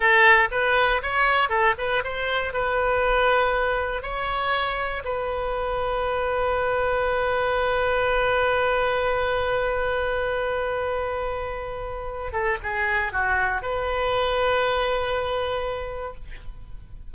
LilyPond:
\new Staff \with { instrumentName = "oboe" } { \time 4/4 \tempo 4 = 119 a'4 b'4 cis''4 a'8 b'8 | c''4 b'2. | cis''2 b'2~ | b'1~ |
b'1~ | b'1~ | b'8 a'8 gis'4 fis'4 b'4~ | b'1 | }